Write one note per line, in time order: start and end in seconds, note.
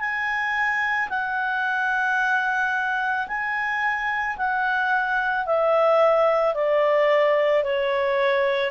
0.00 1.09 G#5
1.09 3.27 F#5
3.27 4.36 G#5
4.37 5.46 F#5
5.46 6.55 E5
6.55 7.64 D5
7.64 8.71 C#5